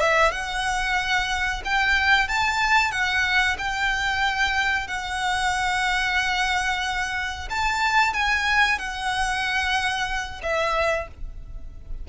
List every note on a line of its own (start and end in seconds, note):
0.00 0.32 E5
0.32 1.62 F#5
1.65 2.28 G5
2.28 2.91 A5
2.91 3.57 F#5
3.58 4.88 G5
4.88 7.49 F#5
7.50 8.13 A5
8.13 8.78 G#5
8.78 10.42 F#5
10.43 11.08 E5